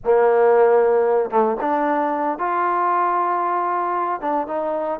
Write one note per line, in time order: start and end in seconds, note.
0.04 1.30 A#3
1.30 1.56 A3
1.60 2.38 D4
2.38 4.20 F4
4.20 4.47 D4
4.47 5.00 D#4